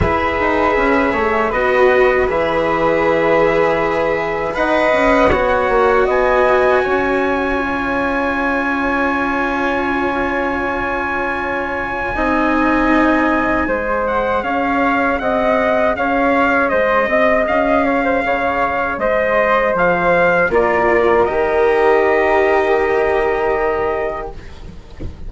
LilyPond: <<
  \new Staff \with { instrumentName = "trumpet" } { \time 4/4 \tempo 4 = 79 e''2 dis''4 e''4~ | e''2 fis''2 | gis''1~ | gis''1~ |
gis''2~ gis''8 fis''8 f''4 | fis''4 f''4 dis''4 f''4~ | f''4 dis''4 f''4 d''4 | dis''1 | }
  \new Staff \with { instrumentName = "flute" } { \time 4/4 b'4. cis''8 b'2~ | b'2 dis''4 cis''4 | dis''4 cis''2.~ | cis''1 |
dis''2 c''4 cis''4 | dis''4 cis''4 c''8 dis''4 cis''16 c''16 | cis''4 c''2 ais'4~ | ais'1 | }
  \new Staff \with { instrumentName = "cello" } { \time 4/4 gis'2 fis'4 gis'4~ | gis'2 b'4 fis'4~ | fis'2 f'2~ | f'1 |
dis'2 gis'2~ | gis'1~ | gis'2. f'4 | g'1 | }
  \new Staff \with { instrumentName = "bassoon" } { \time 4/4 e'8 dis'8 cis'8 a8 b4 e4~ | e2 dis'8 cis'8 b8 ais8 | b4 cis'2.~ | cis'1 |
c'2 gis4 cis'4 | c'4 cis'4 gis8 c'8 cis'4 | cis4 gis4 f4 ais4 | dis1 | }
>>